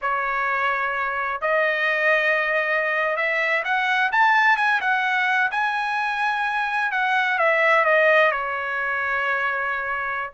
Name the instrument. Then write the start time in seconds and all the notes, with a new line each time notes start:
trumpet
0.01 C#5
1.41 D#5
3.16 E5
3.64 F#5
4.11 A5
4.56 G#5
4.80 F#5
5.51 G#5
6.91 F#5
7.38 E5
7.84 D#5
8.31 C#5